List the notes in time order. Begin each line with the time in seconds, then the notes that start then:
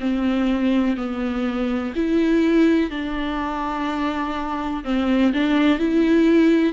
0.00 C4
0.97 B3
1.96 E4
2.90 D4
4.84 C4
5.34 D4
5.79 E4